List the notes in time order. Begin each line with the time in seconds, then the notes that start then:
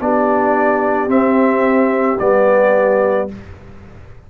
0.00 B3 D4 G4 D5
1.07 C4 E5
2.19 G3 B3 D5